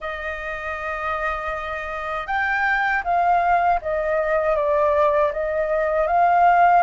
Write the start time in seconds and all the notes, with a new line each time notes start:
0.00 D#5
2.26 G5
3.03 F5
3.81 D#5
4.56 D5
5.32 D#5
6.07 F5